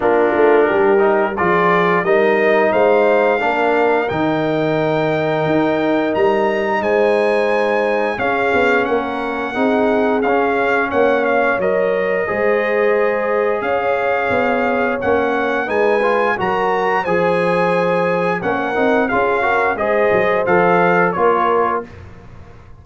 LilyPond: <<
  \new Staff \with { instrumentName = "trumpet" } { \time 4/4 \tempo 4 = 88 ais'2 d''4 dis''4 | f''2 g''2~ | g''4 ais''4 gis''2 | f''4 fis''2 f''4 |
fis''8 f''8 dis''2. | f''2 fis''4 gis''4 | ais''4 gis''2 fis''4 | f''4 dis''4 f''4 cis''4 | }
  \new Staff \with { instrumentName = "horn" } { \time 4/4 f'4 g'4 gis'4 ais'4 | c''4 ais'2.~ | ais'2 c''2 | gis'4 ais'4 gis'2 |
cis''2 c''2 | cis''2. b'4 | ais'4 c''2 ais'4 | gis'8 ais'8 c''2 ais'4 | }
  \new Staff \with { instrumentName = "trombone" } { \time 4/4 d'4. dis'8 f'4 dis'4~ | dis'4 d'4 dis'2~ | dis'1 | cis'2 dis'4 cis'4~ |
cis'4 ais'4 gis'2~ | gis'2 cis'4 dis'8 f'8 | fis'4 gis'2 cis'8 dis'8 | f'8 fis'8 gis'4 a'4 f'4 | }
  \new Staff \with { instrumentName = "tuba" } { \time 4/4 ais8 a8 g4 f4 g4 | gis4 ais4 dis2 | dis'4 g4 gis2 | cis'8 b8 ais4 c'4 cis'4 |
ais4 fis4 gis2 | cis'4 b4 ais4 gis4 | fis4 f2 ais8 c'8 | cis'4 gis8 fis8 f4 ais4 | }
>>